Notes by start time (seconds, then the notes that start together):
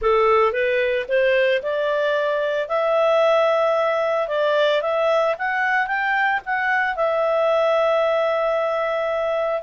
0.01 A4
0.52 B4
1.08 C5
1.62 D5
2.68 E5
4.28 D5
4.81 E5
5.38 F#5
5.86 G5
6.45 F#5
6.95 E5